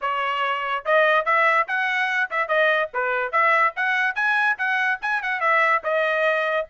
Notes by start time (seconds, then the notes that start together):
0.01 C#5
0.85 D#5
1.25 E5
1.67 F#5
2.30 E5
2.48 D#5
2.93 B4
3.31 E5
3.76 F#5
4.15 G#5
4.58 F#5
5.01 G#5
5.22 F#5
5.40 E5
5.83 D#5